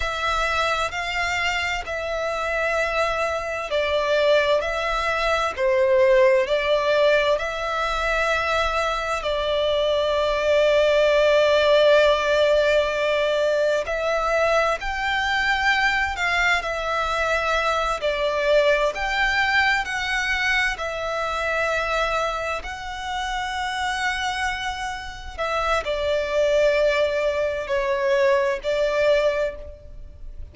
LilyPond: \new Staff \with { instrumentName = "violin" } { \time 4/4 \tempo 4 = 65 e''4 f''4 e''2 | d''4 e''4 c''4 d''4 | e''2 d''2~ | d''2. e''4 |
g''4. f''8 e''4. d''8~ | d''8 g''4 fis''4 e''4.~ | e''8 fis''2. e''8 | d''2 cis''4 d''4 | }